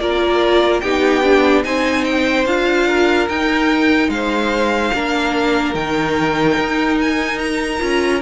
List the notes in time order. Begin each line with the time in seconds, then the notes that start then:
0.00 A#3 F4 A#4 D5
0.81 B3 D#4 G4 G5
1.23 D4
1.64 C4 D#4 C5 G#5
2.04 G5
2.46 D4 F4 F5
2.88 A#4
3.29 D#4 G5
4.09 G#3 C5 F5
4.94 A#3 D4 A#4
5.74 D#3 D#4 G5
6.58 D#4
7.01 G#5
7.39 A#5
7.80 C#4 F4